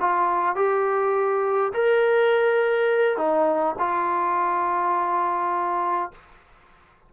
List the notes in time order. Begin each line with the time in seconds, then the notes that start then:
0.00 F4
0.56 G4
1.73 A#4
3.17 D#4
3.79 F4